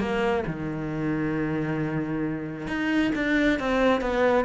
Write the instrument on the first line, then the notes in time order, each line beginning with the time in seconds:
cello
0.00 A#3
0.47 D#3
2.67 D#4
3.15 D4
3.59 C4
4.01 B3